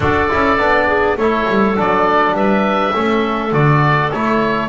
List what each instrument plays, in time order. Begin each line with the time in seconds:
0.00 double bass D4, trombone F#4, clarinet A4, oboe D5
0.29 double bass C#4, trombone E4
0.57 double bass B3, trombone D4
0.87 clarinet G#4
1.17 double bass A3, trombone E4, clarinet A4, oboe C#5
1.48 double bass G3
1.75 double bass F#3, trombone D4, oboe D5
2.31 double bass G3, clarinet B4, oboe E5
2.93 double bass A3, trombone C#4, clarinet A4
3.52 double bass D3, trombone F#4, oboe D5
4.11 double bass A3, trombone E4, oboe C#5